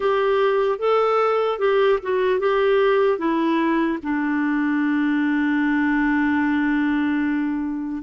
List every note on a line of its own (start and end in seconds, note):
0.00 0.78 G4
0.78 1.58 A4
1.58 1.98 G4
2.02 2.39 F#4
2.39 3.18 G4
3.18 3.98 E4
4.02 8.02 D4